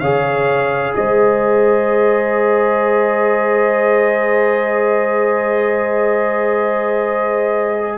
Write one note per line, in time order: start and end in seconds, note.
0.00 0.95 C#3
0.00 7.98 G#4
0.00 0.95 C#5
0.00 0.94 F5
0.96 7.98 G#3
0.96 7.98 C5
0.96 7.98 D#5